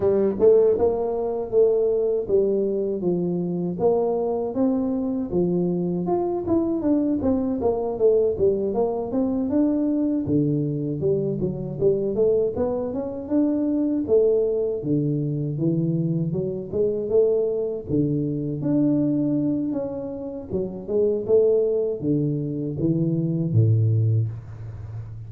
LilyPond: \new Staff \with { instrumentName = "tuba" } { \time 4/4 \tempo 4 = 79 g8 a8 ais4 a4 g4 | f4 ais4 c'4 f4 | f'8 e'8 d'8 c'8 ais8 a8 g8 ais8 | c'8 d'4 d4 g8 fis8 g8 |
a8 b8 cis'8 d'4 a4 d8~ | d8 e4 fis8 gis8 a4 d8~ | d8 d'4. cis'4 fis8 gis8 | a4 d4 e4 a,4 | }